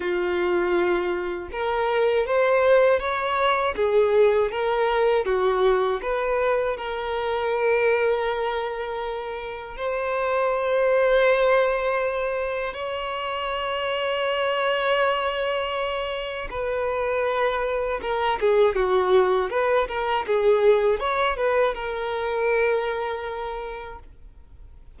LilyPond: \new Staff \with { instrumentName = "violin" } { \time 4/4 \tempo 4 = 80 f'2 ais'4 c''4 | cis''4 gis'4 ais'4 fis'4 | b'4 ais'2.~ | ais'4 c''2.~ |
c''4 cis''2.~ | cis''2 b'2 | ais'8 gis'8 fis'4 b'8 ais'8 gis'4 | cis''8 b'8 ais'2. | }